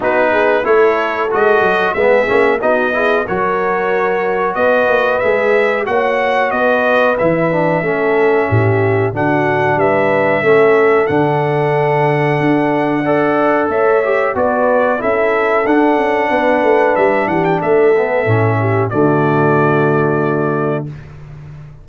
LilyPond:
<<
  \new Staff \with { instrumentName = "trumpet" } { \time 4/4 \tempo 4 = 92 b'4 cis''4 dis''4 e''4 | dis''4 cis''2 dis''4 | e''4 fis''4 dis''4 e''4~ | e''2 fis''4 e''4~ |
e''4 fis''2.~ | fis''4 e''4 d''4 e''4 | fis''2 e''8 fis''16 g''16 e''4~ | e''4 d''2. | }
  \new Staff \with { instrumentName = "horn" } { \time 4/4 fis'8 gis'8 a'2 gis'4 | fis'8 gis'8 ais'2 b'4~ | b'4 cis''4 b'2 | a'4 g'4 fis'4 b'4 |
a'1 | d''4 cis''4 b'4 a'4~ | a'4 b'4. g'8 a'4~ | a'8 g'8 fis'2. | }
  \new Staff \with { instrumentName = "trombone" } { \time 4/4 dis'4 e'4 fis'4 b8 cis'8 | dis'8 e'8 fis'2. | gis'4 fis'2 e'8 d'8 | cis'2 d'2 |
cis'4 d'2. | a'4. g'8 fis'4 e'4 | d'2.~ d'8 b8 | cis'4 a2. | }
  \new Staff \with { instrumentName = "tuba" } { \time 4/4 b4 a4 gis8 fis8 gis8 ais8 | b4 fis2 b8 ais8 | gis4 ais4 b4 e4 | a4 a,4 d4 g4 |
a4 d2 d'4~ | d'4 a4 b4 cis'4 | d'8 cis'8 b8 a8 g8 e8 a4 | a,4 d2. | }
>>